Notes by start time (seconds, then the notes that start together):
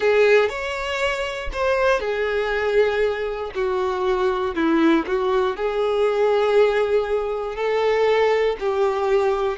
0.00 G#4
0.49 C#5
1.52 C5
2.00 G#4
3.55 F#4
4.55 E4
5.06 F#4
5.56 G#4
7.55 A4
8.59 G4